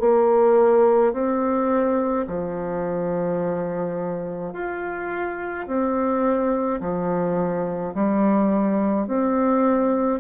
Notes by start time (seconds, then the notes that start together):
0.00 A#3
1.13 C4
2.27 F3
4.53 F4
5.67 C4
6.81 F3
7.95 G3
9.07 C4